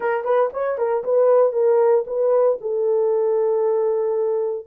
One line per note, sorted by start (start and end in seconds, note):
0.00 0.24 A#4
0.24 0.50 B4
0.53 0.78 C#5
0.78 1.03 A#4
1.03 1.52 B4
1.52 2.04 A#4
2.06 2.58 B4
2.60 4.66 A4